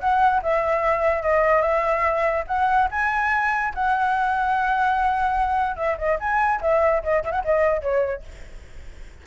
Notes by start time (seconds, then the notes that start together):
0.00 F#5
0.43 E5
1.23 D#5
1.62 E5
2.48 F#5
2.91 G#5
3.74 F#5
5.76 E5
5.98 D#5
6.20 G#5
6.62 E5
7.03 D#5
7.24 E5
7.32 F#5
7.45 D#5
7.82 C#5